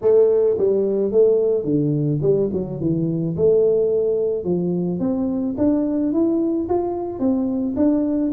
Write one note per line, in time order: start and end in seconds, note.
0.01 0.57 A3
0.57 1.11 G3
1.11 1.64 A3
1.64 2.20 D3
2.21 2.49 G3
2.53 2.80 F#3
2.80 3.36 E3
3.36 4.44 A3
4.44 4.99 F3
4.99 5.55 C4
5.57 6.12 D4
6.12 6.68 E4
6.68 7.19 F4
7.19 7.74 C4
7.76 8.31 D4